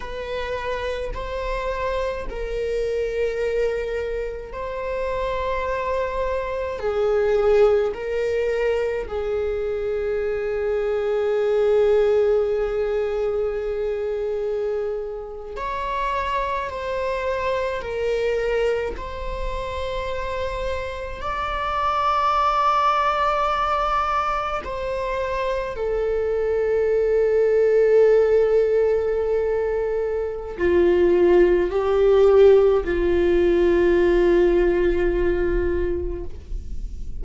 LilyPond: \new Staff \with { instrumentName = "viola" } { \time 4/4 \tempo 4 = 53 b'4 c''4 ais'2 | c''2 gis'4 ais'4 | gis'1~ | gis'4.~ gis'16 cis''4 c''4 ais'16~ |
ais'8. c''2 d''4~ d''16~ | d''4.~ d''16 c''4 a'4~ a'16~ | a'2. f'4 | g'4 f'2. | }